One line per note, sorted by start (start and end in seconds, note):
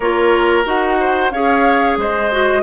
0.00 0.64 A#3
0.00 0.64 F4
0.00 0.98 A#4
0.00 0.64 C#5
0.64 1.31 D#4
0.64 1.30 F#4
0.64 1.30 F#5
1.00 1.32 C5
1.30 1.97 C#4
1.30 2.31 G#4
1.30 1.98 C#5
1.30 1.96 F5
1.97 2.62 G#3
1.97 2.62 C5
1.97 2.62 D#5
2.31 2.62 F#4